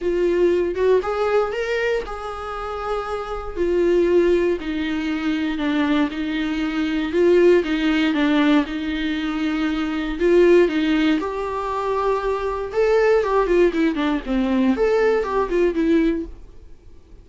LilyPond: \new Staff \with { instrumentName = "viola" } { \time 4/4 \tempo 4 = 118 f'4. fis'8 gis'4 ais'4 | gis'2. f'4~ | f'4 dis'2 d'4 | dis'2 f'4 dis'4 |
d'4 dis'2. | f'4 dis'4 g'2~ | g'4 a'4 g'8 f'8 e'8 d'8 | c'4 a'4 g'8 f'8 e'4 | }